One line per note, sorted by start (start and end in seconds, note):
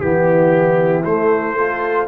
0.00 1.05 E3
0.00 1.04 B3
0.00 1.58 E4
0.00 1.03 G4
1.04 2.08 A3
1.04 1.57 A3
1.04 2.08 C5
1.57 2.08 F4
1.57 2.08 A4